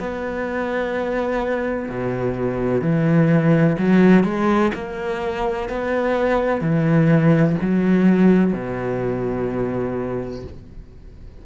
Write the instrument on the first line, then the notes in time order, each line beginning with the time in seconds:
cello
0.00 B3
1.89 B2
2.82 E3
3.79 F#3
4.24 G#3
4.75 A#3
5.69 B3
6.61 E3
7.62 F#3
8.54 B2